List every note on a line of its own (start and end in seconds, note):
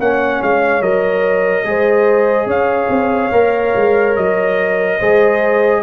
0.00 0.42 A#3
0.00 0.82 C#4
0.00 1.67 C#5
0.00 0.43 F#5
0.43 0.81 G#3
0.43 0.82 F5
0.81 1.65 F#3
0.81 1.65 A#4
0.81 2.49 D#5
1.65 2.46 G#3
1.65 3.32 G#4
1.65 2.48 C5
2.46 2.88 C#4
2.46 4.98 C#5
2.46 4.16 F5
2.90 3.31 C4
3.32 3.74 A#3
3.32 4.99 A#4
3.76 4.17 G#3
4.16 5.01 F#3
4.16 5.83 D#5
4.99 5.83 G#3
4.99 5.83 G#4
4.99 5.82 C5